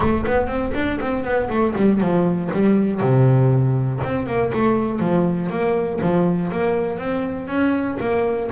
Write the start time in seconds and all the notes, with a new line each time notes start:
0.00 A3
0.26 B3
0.47 C4
0.74 D4
1.00 C4
1.23 B3
1.49 A3
1.75 G3
2.00 F3
2.53 G3
3.00 C3
4.03 C4
4.26 A#3
4.52 A3
4.99 F3
5.49 A#3
6.01 F3
6.51 A#3
6.98 C4
7.47 C#4
8.00 A#3